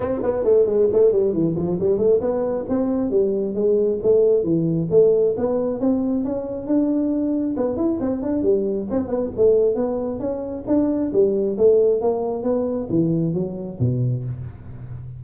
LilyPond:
\new Staff \with { instrumentName = "tuba" } { \time 4/4 \tempo 4 = 135 c'8 b8 a8 gis8 a8 g8 e8 f8 | g8 a8 b4 c'4 g4 | gis4 a4 e4 a4 | b4 c'4 cis'4 d'4~ |
d'4 b8 e'8 c'8 d'8 g4 | c'8 b8 a4 b4 cis'4 | d'4 g4 a4 ais4 | b4 e4 fis4 b,4 | }